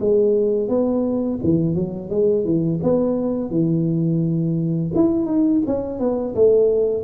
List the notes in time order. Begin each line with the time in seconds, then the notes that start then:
0.00 G#3
0.68 B3
1.43 E3
1.75 F#3
2.10 G#3
2.44 E3
2.83 B3
3.50 E3
4.95 E4
5.26 D#4
5.66 C#4
5.99 B3
6.35 A3